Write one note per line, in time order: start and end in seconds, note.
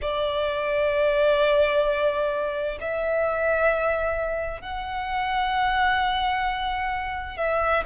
0.01 2.78 D5
2.80 4.61 E5
4.61 7.37 F#5
7.37 7.83 E5